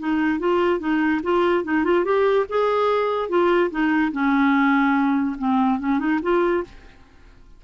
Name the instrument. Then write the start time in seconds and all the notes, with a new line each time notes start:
clarinet
0.00 D#4
0.39 F4
0.80 D#4
1.23 F4
1.64 D#4
1.84 F4
2.05 G4
2.49 G#4
3.29 F4
3.71 D#4
4.12 C#4
5.38 C4
5.80 C#4
5.99 D#4
6.22 F4